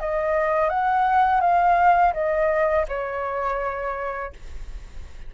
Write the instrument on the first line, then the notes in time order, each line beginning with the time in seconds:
flute
0.00 D#5
0.70 F#5
1.41 F5
2.14 D#5
2.88 C#5